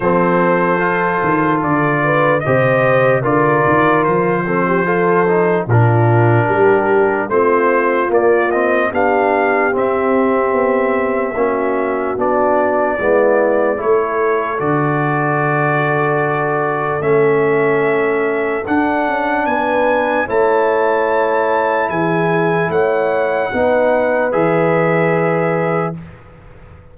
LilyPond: <<
  \new Staff \with { instrumentName = "trumpet" } { \time 4/4 \tempo 4 = 74 c''2 d''4 dis''4 | d''4 c''2 ais'4~ | ais'4 c''4 d''8 dis''8 f''4 | e''2. d''4~ |
d''4 cis''4 d''2~ | d''4 e''2 fis''4 | gis''4 a''2 gis''4 | fis''2 e''2 | }
  \new Staff \with { instrumentName = "horn" } { \time 4/4 a'2~ a'8 b'8 c''4 | ais'4. a'16 g'16 a'4 f'4 | g'4 f'2 g'4~ | g'2 fis'2 |
e'4 a'2.~ | a'1 | b'4 cis''2 gis'4 | cis''4 b'2. | }
  \new Staff \with { instrumentName = "trombone" } { \time 4/4 c'4 f'2 g'4 | f'4. c'8 f'8 dis'8 d'4~ | d'4 c'4 ais8 c'8 d'4 | c'2 cis'4 d'4 |
b4 e'4 fis'2~ | fis'4 cis'2 d'4~ | d'4 e'2.~ | e'4 dis'4 gis'2 | }
  \new Staff \with { instrumentName = "tuba" } { \time 4/4 f4. dis8 d4 c4 | d8 dis8 f2 ais,4 | g4 a4 ais4 b4 | c'4 b4 ais4 b4 |
gis4 a4 d2~ | d4 a2 d'8 cis'8 | b4 a2 e4 | a4 b4 e2 | }
>>